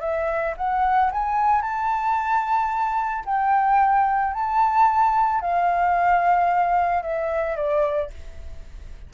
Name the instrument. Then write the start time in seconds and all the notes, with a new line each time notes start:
flute
0.00 E5
0.57 F#5
1.12 G#5
1.62 A5
3.25 G5
4.33 A5
5.41 F5
7.02 E5
7.56 D5